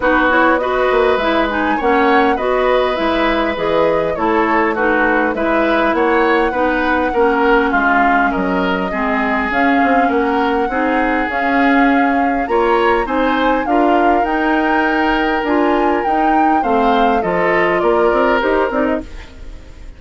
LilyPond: <<
  \new Staff \with { instrumentName = "flute" } { \time 4/4 \tempo 4 = 101 b'8 cis''8 dis''4 e''8 gis''8 fis''4 | dis''4 e''4 dis''4 cis''4 | b'4 e''4 fis''2~ | fis''4 f''4 dis''2 |
f''4 fis''2 f''4~ | f''4 ais''4 gis''4 f''4 | g''2 gis''4 g''4 | f''4 dis''4 d''4 c''8 d''16 dis''16 | }
  \new Staff \with { instrumentName = "oboe" } { \time 4/4 fis'4 b'2 cis''4 | b'2. a'4 | fis'4 b'4 cis''4 b'4 | ais'4 f'4 ais'4 gis'4~ |
gis'4 ais'4 gis'2~ | gis'4 cis''4 c''4 ais'4~ | ais'1 | c''4 a'4 ais'2 | }
  \new Staff \with { instrumentName = "clarinet" } { \time 4/4 dis'8 e'8 fis'4 e'8 dis'8 cis'4 | fis'4 e'4 gis'4 e'4 | dis'4 e'2 dis'4 | cis'2. c'4 |
cis'2 dis'4 cis'4~ | cis'4 f'4 dis'4 f'4 | dis'2 f'4 dis'4 | c'4 f'2 g'8 dis'8 | }
  \new Staff \with { instrumentName = "bassoon" } { \time 4/4 b4. ais8 gis4 ais4 | b4 gis4 e4 a4~ | a4 gis4 ais4 b4 | ais4 gis4 fis4 gis4 |
cis'8 c'8 ais4 c'4 cis'4~ | cis'4 ais4 c'4 d'4 | dis'2 d'4 dis'4 | a4 f4 ais8 c'8 dis'8 c'8 | }
>>